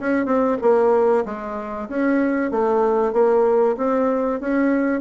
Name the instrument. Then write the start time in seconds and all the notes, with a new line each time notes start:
bassoon
0.00 C#4
0.26 C4
0.62 A#3
1.26 G#3
1.89 C#4
2.51 A3
3.13 A#3
3.78 C4
4.41 C#4